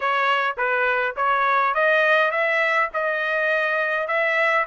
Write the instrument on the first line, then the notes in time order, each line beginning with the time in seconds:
trumpet
0.00 C#5
0.57 B4
1.16 C#5
1.74 D#5
2.31 E5
2.93 D#5
4.07 E5